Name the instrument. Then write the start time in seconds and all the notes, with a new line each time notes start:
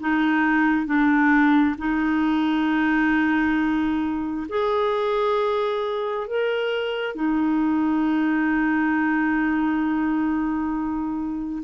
clarinet
0.00 D#4
0.86 D4
1.79 D#4
4.49 G#4
6.27 A#4
7.16 D#4